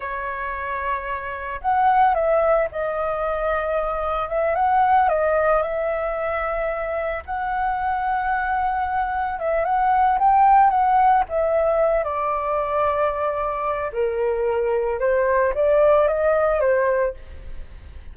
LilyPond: \new Staff \with { instrumentName = "flute" } { \time 4/4 \tempo 4 = 112 cis''2. fis''4 | e''4 dis''2. | e''8 fis''4 dis''4 e''4.~ | e''4. fis''2~ fis''8~ |
fis''4. e''8 fis''4 g''4 | fis''4 e''4. d''4.~ | d''2 ais'2 | c''4 d''4 dis''4 c''4 | }